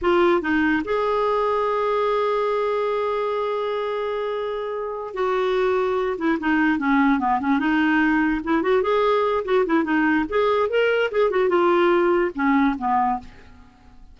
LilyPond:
\new Staff \with { instrumentName = "clarinet" } { \time 4/4 \tempo 4 = 146 f'4 dis'4 gis'2~ | gis'1~ | gis'1~ | gis'8 fis'2~ fis'8 e'8 dis'8~ |
dis'8 cis'4 b8 cis'8 dis'4.~ | dis'8 e'8 fis'8 gis'4. fis'8 e'8 | dis'4 gis'4 ais'4 gis'8 fis'8 | f'2 cis'4 b4 | }